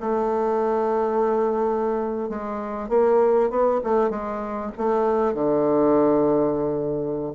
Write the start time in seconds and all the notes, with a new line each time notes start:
0.00 A3
2.30 G#3
2.89 A#3
3.50 B3
3.84 A3
4.10 G#3
4.78 A3
5.34 D3